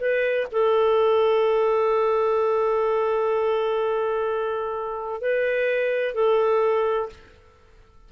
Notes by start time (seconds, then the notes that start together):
0.00 B4
0.52 A4
5.21 B4
6.14 A4